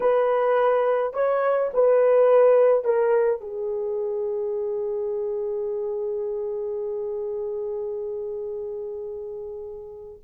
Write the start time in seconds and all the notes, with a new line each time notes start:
0.00 B4
1.13 C#5
1.73 B4
2.84 A#4
3.40 G#4